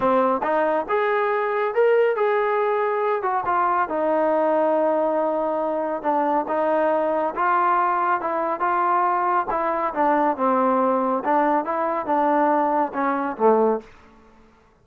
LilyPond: \new Staff \with { instrumentName = "trombone" } { \time 4/4 \tempo 4 = 139 c'4 dis'4 gis'2 | ais'4 gis'2~ gis'8 fis'8 | f'4 dis'2.~ | dis'2 d'4 dis'4~ |
dis'4 f'2 e'4 | f'2 e'4 d'4 | c'2 d'4 e'4 | d'2 cis'4 a4 | }